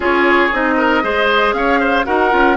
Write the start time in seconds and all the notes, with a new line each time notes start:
0.00 C#4 F4 G#4 C#5
0.52 C4 D#4 D#5
0.77 A#4
1.02 G#3 G#4 C5
1.53 C#4 C#5 F5
1.79 C5
2.05 D#4 F#4 A#4 F#5
2.30 C#4 F4